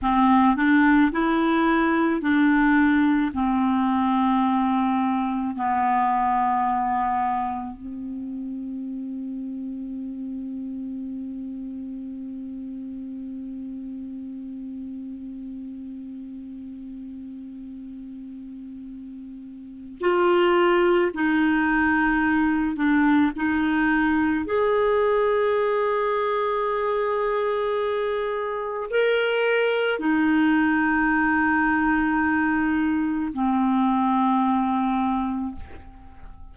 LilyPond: \new Staff \with { instrumentName = "clarinet" } { \time 4/4 \tempo 4 = 54 c'8 d'8 e'4 d'4 c'4~ | c'4 b2 c'4~ | c'1~ | c'1~ |
c'2 f'4 dis'4~ | dis'8 d'8 dis'4 gis'2~ | gis'2 ais'4 dis'4~ | dis'2 c'2 | }